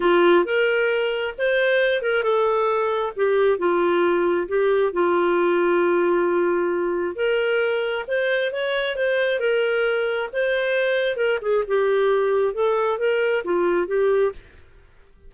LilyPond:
\new Staff \with { instrumentName = "clarinet" } { \time 4/4 \tempo 4 = 134 f'4 ais'2 c''4~ | c''8 ais'8 a'2 g'4 | f'2 g'4 f'4~ | f'1 |
ais'2 c''4 cis''4 | c''4 ais'2 c''4~ | c''4 ais'8 gis'8 g'2 | a'4 ais'4 f'4 g'4 | }